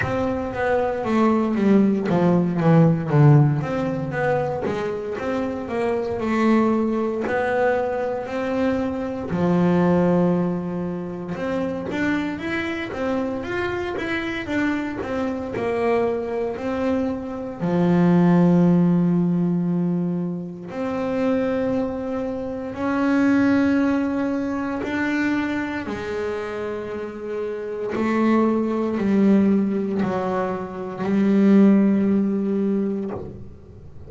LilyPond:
\new Staff \with { instrumentName = "double bass" } { \time 4/4 \tempo 4 = 58 c'8 b8 a8 g8 f8 e8 d8 c'8 | b8 gis8 c'8 ais8 a4 b4 | c'4 f2 c'8 d'8 | e'8 c'8 f'8 e'8 d'8 c'8 ais4 |
c'4 f2. | c'2 cis'2 | d'4 gis2 a4 | g4 fis4 g2 | }